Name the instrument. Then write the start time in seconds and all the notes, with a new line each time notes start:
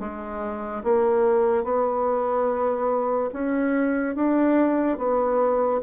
bassoon
0.00 G#3
0.84 A#3
1.64 B3
3.33 C#4
4.16 D4
4.98 B3